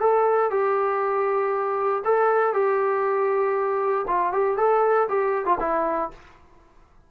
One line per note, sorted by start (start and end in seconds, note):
0.00 0.51 A4
0.51 2.03 G4
2.05 2.54 A4
2.54 4.06 G4
4.07 4.33 F4
4.33 4.57 G4
4.57 5.08 A4
5.09 5.45 G4
5.45 5.58 F4
5.60 6.11 E4